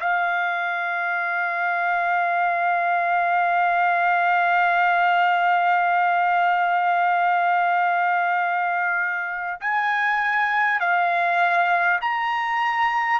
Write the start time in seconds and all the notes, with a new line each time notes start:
0.00 F5
9.61 G#5
10.80 F5
12.01 A#5